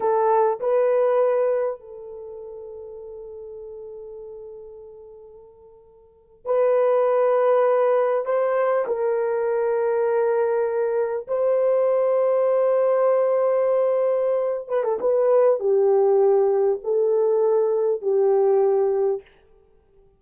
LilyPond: \new Staff \with { instrumentName = "horn" } { \time 4/4 \tempo 4 = 100 a'4 b'2 a'4~ | a'1~ | a'2~ a'8. b'4~ b'16~ | b'4.~ b'16 c''4 ais'4~ ais'16~ |
ais'2~ ais'8. c''4~ c''16~ | c''1~ | c''8 b'16 a'16 b'4 g'2 | a'2 g'2 | }